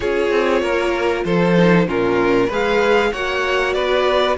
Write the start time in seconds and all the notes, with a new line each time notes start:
0.00 C#4 F4 G#4 C#5
0.31 C4
0.62 A#3 A#4
1.24 F3 A4 C5
1.57 D#4
1.87 A#2 C#4 F4 A#4
2.47 G#3 G#4 B4 F5
3.12 A#3 F#4 C#5 F#5
3.73 B3 B4 D5